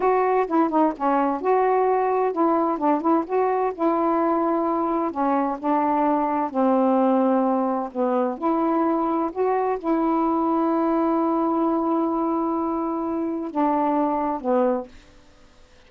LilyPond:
\new Staff \with { instrumentName = "saxophone" } { \time 4/4 \tempo 4 = 129 fis'4 e'8 dis'8 cis'4 fis'4~ | fis'4 e'4 d'8 e'8 fis'4 | e'2. cis'4 | d'2 c'2~ |
c'4 b4 e'2 | fis'4 e'2.~ | e'1~ | e'4 d'2 b4 | }